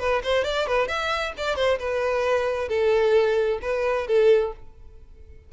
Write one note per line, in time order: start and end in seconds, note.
0.00 0.23 B4
0.24 0.45 C5
0.45 0.67 D5
0.68 0.88 B4
0.88 1.34 E5
1.38 1.56 D5
1.56 1.79 C5
1.80 2.69 B4
2.69 3.60 A4
3.63 4.08 B4
4.08 4.53 A4